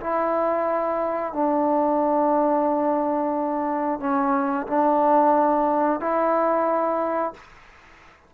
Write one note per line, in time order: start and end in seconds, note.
0.00 1.33 E4
1.33 4.00 D4
4.00 4.66 C#4
4.67 6.00 D4
6.00 7.33 E4